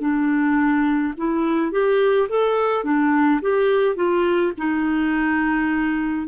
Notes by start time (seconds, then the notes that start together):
0.00 D4
1.17 E4
1.71 G4
2.28 A4
2.84 D4
3.41 G4
3.95 F4
4.57 D#4